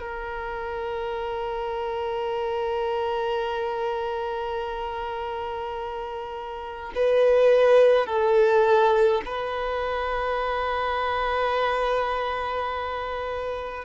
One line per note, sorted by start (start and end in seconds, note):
0.00 6.92 A#4
6.95 8.06 B4
8.06 9.22 A4
9.25 13.85 B4